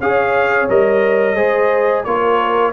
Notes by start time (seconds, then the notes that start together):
0.00 C#4 G#4 C#5 F5
0.69 G3 A#4 D#5
1.35 G#3 G#4 C5
2.04 A#3 F4 A#4 C#5